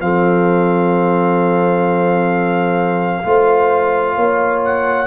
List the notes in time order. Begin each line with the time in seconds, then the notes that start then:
0.00 F3 C4 A4 F5
3.23 A3 F4 C5
4.15 A#3 C#5
4.64 F#5